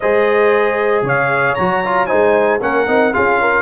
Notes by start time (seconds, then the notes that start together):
0.00 G#3 G#4 C5 D#5
1.02 C#3 C#5 F5
1.55 F#3 F#4 A#5
1.85 F4
2.06 G#3 D#4 C5 G#5
2.61 A#3 C#4 A#4 F#5
2.87 C4 D#4
3.12 C#4 F4 G#4 F5
3.40 A#4